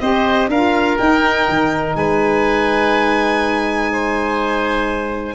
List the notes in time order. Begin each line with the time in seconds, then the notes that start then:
0.00 C4 G4 C5 D#5
0.47 D4 F4 A#4 F5
0.97 D#4 G5
1.48 D#3
1.95 G#3 B4 G#5
3.92 C5